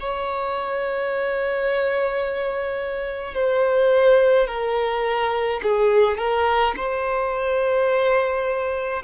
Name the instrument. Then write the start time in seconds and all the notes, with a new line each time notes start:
violin
0.00 C#5
3.34 C5
4.47 A#4
5.63 G#4
6.18 A#4
6.76 C5